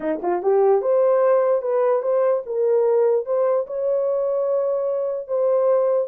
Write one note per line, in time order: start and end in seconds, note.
0.00 0.20 D#4
0.22 0.42 F4
0.42 0.81 G4
0.81 1.61 C5
1.61 2.02 B4
2.02 2.43 C5
2.46 3.25 A#4
3.25 3.66 C5
3.66 5.27 C#5
5.27 6.07 C5